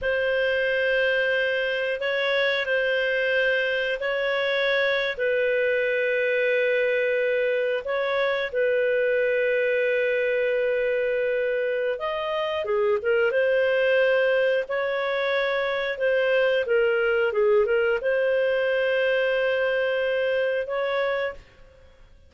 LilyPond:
\new Staff \with { instrumentName = "clarinet" } { \time 4/4 \tempo 4 = 90 c''2. cis''4 | c''2 cis''4.~ cis''16 b'16~ | b'2.~ b'8. cis''16~ | cis''8. b'2.~ b'16~ |
b'2 dis''4 gis'8 ais'8 | c''2 cis''2 | c''4 ais'4 gis'8 ais'8 c''4~ | c''2. cis''4 | }